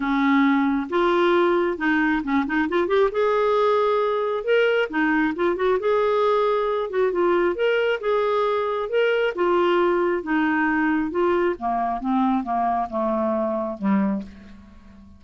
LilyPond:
\new Staff \with { instrumentName = "clarinet" } { \time 4/4 \tempo 4 = 135 cis'2 f'2 | dis'4 cis'8 dis'8 f'8 g'8 gis'4~ | gis'2 ais'4 dis'4 | f'8 fis'8 gis'2~ gis'8 fis'8 |
f'4 ais'4 gis'2 | ais'4 f'2 dis'4~ | dis'4 f'4 ais4 c'4 | ais4 a2 g4 | }